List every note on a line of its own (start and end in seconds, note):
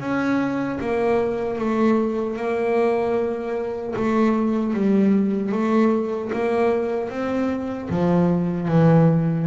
0.00 0.79 C#4
0.80 1.58 A#3
1.58 2.36 A3
2.36 3.94 A#3
3.96 4.73 A3
4.73 5.52 G3
5.52 6.31 A3
6.33 7.09 A#3
7.09 7.88 C4
7.89 8.68 F3
8.68 9.47 E3